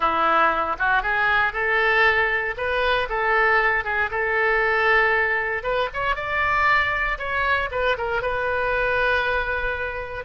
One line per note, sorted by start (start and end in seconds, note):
0.00 0.76 E4
0.78 1.02 F#4
1.02 1.52 G#4
1.52 2.55 A4
2.57 3.08 B4
3.09 3.84 A4
3.84 4.10 G#4
4.10 5.63 A4
5.63 5.89 B4
5.93 6.15 C#5
6.15 7.18 D5
7.18 7.69 C#5
7.71 7.97 B4
7.97 8.22 A#4
8.22 10.24 B4